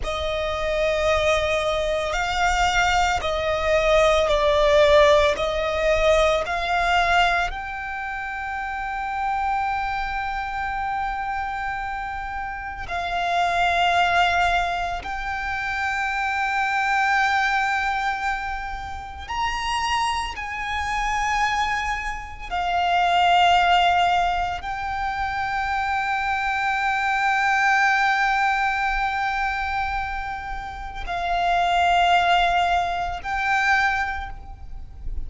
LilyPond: \new Staff \with { instrumentName = "violin" } { \time 4/4 \tempo 4 = 56 dis''2 f''4 dis''4 | d''4 dis''4 f''4 g''4~ | g''1 | f''2 g''2~ |
g''2 ais''4 gis''4~ | gis''4 f''2 g''4~ | g''1~ | g''4 f''2 g''4 | }